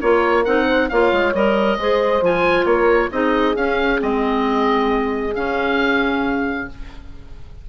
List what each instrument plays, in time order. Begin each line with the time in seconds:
0.00 bassoon A#3, clarinet F4, horn A#4, oboe C#5
0.45 bassoon C4, clarinet D#4, oboe F#5
0.66 horn C5
0.89 bassoon A#3, clarinet F4, horn C#5, oboe F5
1.13 bassoon G#3
1.34 bassoon G3, clarinet A#4, oboe D#5
1.77 bassoon G#3, clarinet G#4, horn C5
2.22 bassoon F3, clarinet F4, oboe G#5
2.65 bassoon A#3, horn A#4, oboe C#5
3.11 bassoon C4, clarinet D#4, horn G#4, oboe D#5
3.56 bassoon C#4, clarinet C#4, oboe F5
3.99 bassoon G#3, clarinet C4, oboe D#5
5.35 bassoon C#3, clarinet C#4, oboe F5